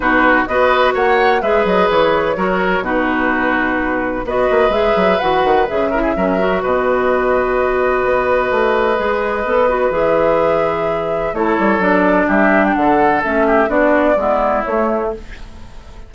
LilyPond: <<
  \new Staff \with { instrumentName = "flute" } { \time 4/4 \tempo 4 = 127 b'4 dis''4 fis''4 e''8 dis''8 | cis''2 b'2~ | b'4 dis''4 e''4 fis''4 | e''2 dis''2~ |
dis''1~ | dis''4 e''2. | cis''4 d''4 e''8. g''16 fis''4 | e''4 d''2 cis''4 | }
  \new Staff \with { instrumentName = "oboe" } { \time 4/4 fis'4 b'4 cis''4 b'4~ | b'4 ais'4 fis'2~ | fis'4 b'2.~ | b'8 ais'16 gis'16 ais'4 b'2~ |
b'1~ | b'1 | a'2 g'4 a'4~ | a'8 g'8 fis'4 e'2 | }
  \new Staff \with { instrumentName = "clarinet" } { \time 4/4 dis'4 fis'2 gis'4~ | gis'4 fis'4 dis'2~ | dis'4 fis'4 gis'4 fis'4 | gis'8 e'8 cis'8 fis'2~ fis'8~ |
fis'2. gis'4 | a'8 fis'8 gis'2. | e'4 d'2. | cis'4 d'4 b4 a4 | }
  \new Staff \with { instrumentName = "bassoon" } { \time 4/4 b,4 b4 ais4 gis8 fis8 | e4 fis4 b,2~ | b,4 b8 ais8 gis8 fis8 e8 dis8 | cis4 fis4 b,2~ |
b,4 b4 a4 gis4 | b4 e2. | a8 g8 fis4 g4 d4 | a4 b4 gis4 a4 | }
>>